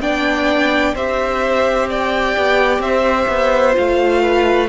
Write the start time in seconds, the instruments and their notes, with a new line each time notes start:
0.00 cello B3, viola D4, violin D5 G5
0.95 cello C4, viola G4, violin C5 E5
1.89 violin D5 G5
2.37 cello B3
2.79 cello C4, violin C5 E5
3.28 cello B3
3.73 cello A3, viola F4, violin F5
4.22 violin B4